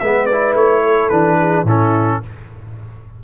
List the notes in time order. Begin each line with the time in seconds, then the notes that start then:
0.00 G#3 B3 B4 E5
0.26 D5
0.32 E4
0.54 A3 C#5
0.83 A4
1.09 E3 D4 B4
1.39 G#4
1.64 A2 C#4 E4 A4